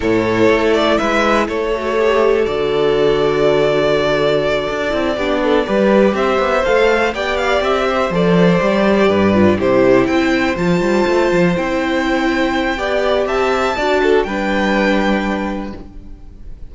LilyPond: <<
  \new Staff \with { instrumentName = "violin" } { \time 4/4 \tempo 4 = 122 cis''4. d''8 e''4 cis''4~ | cis''4 d''2.~ | d''1~ | d''8 e''4 f''4 g''8 f''8 e''8~ |
e''8 d''2. c''8~ | c''8 g''4 a''2 g''8~ | g''2. a''4~ | a''4 g''2. | }
  \new Staff \with { instrumentName = "violin" } { \time 4/4 a'2 b'4 a'4~ | a'1~ | a'2~ a'8 g'8 a'8 b'8~ | b'8 c''2 d''4. |
c''2~ c''8 b'4 g'8~ | g'8 c''2.~ c''8~ | c''2 d''4 e''4 | d''8 a'8 b'2. | }
  \new Staff \with { instrumentName = "viola" } { \time 4/4 e'2.~ e'8 fis'8 | g'4 fis'2.~ | fis'2 e'8 d'4 g'8~ | g'4. a'4 g'4.~ |
g'8 a'4 g'4. f'8 e'8~ | e'4. f'2 e'8~ | e'2 g'2 | fis'4 d'2. | }
  \new Staff \with { instrumentName = "cello" } { \time 4/4 a,4 a4 gis4 a4~ | a4 d2.~ | d4. d'8 c'8 b4 g8~ | g8 c'8 b8 a4 b4 c'8~ |
c'8 f4 g4 g,4 c8~ | c8 c'4 f8 g8 a8 f8 c'8~ | c'2 b4 c'4 | d'4 g2. | }
>>